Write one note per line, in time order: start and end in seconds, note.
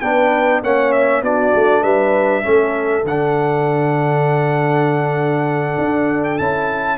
0.00 0.62 B3
0.00 0.63 D4
0.00 0.62 B4
0.00 0.61 G5
0.62 1.21 A#3
0.62 1.23 C#4
0.62 1.23 C#5
0.62 0.92 F#5
0.92 1.22 E5
1.21 1.52 B3
1.21 2.42 D4
1.21 1.82 F#4
1.21 1.83 D5
1.54 1.82 A3
1.82 2.43 G3
1.82 2.42 B4
1.82 3.04 E5
2.42 3.04 A3
2.42 3.03 C#4
2.42 6.97 A4
3.04 5.76 D3
3.04 6.39 D4
3.04 6.24 F#5
5.78 6.38 D4
6.24 6.38 G5
6.38 6.97 C#4
6.38 6.97 E4
6.38 6.97 A5